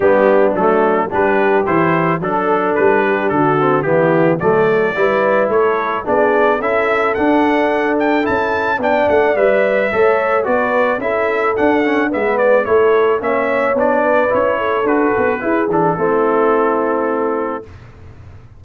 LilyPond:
<<
  \new Staff \with { instrumentName = "trumpet" } { \time 4/4 \tempo 4 = 109 g'4 a'4 b'4 c''4 | a'4 b'4 a'4 g'4 | d''2 cis''4 d''4 | e''4 fis''4. g''8 a''4 |
g''8 fis''8 e''2 d''4 | e''4 fis''4 e''8 d''8 cis''4 | e''4 d''4 cis''4 b'4~ | b'8 a'2.~ a'8 | }
  \new Staff \with { instrumentName = "horn" } { \time 4/4 d'2 g'2 | a'4. g'8 fis'4 e'4 | a'4 b'4 a'4 gis'4 | a'1 |
d''2 cis''4 b'4 | a'2 b'4 a'4 | cis''4. b'4 a'4. | gis'4 e'2. | }
  \new Staff \with { instrumentName = "trombone" } { \time 4/4 b4 a4 d'4 e'4 | d'2~ d'8 c'8 b4 | a4 e'2 d'4 | e'4 d'2 e'4 |
d'4 b'4 a'4 fis'4 | e'4 d'8 cis'8 b4 e'4 | cis'4 d'4 e'4 fis'4 | e'8 d'8 c'2. | }
  \new Staff \with { instrumentName = "tuba" } { \time 4/4 g4 fis4 g4 e4 | fis4 g4 d4 e4 | fis4 g4 a4 b4 | cis'4 d'2 cis'4 |
b8 a8 g4 a4 b4 | cis'4 d'4 gis4 a4 | ais4 b4 cis'4 d'8 b8 | e'8 e8 a2. | }
>>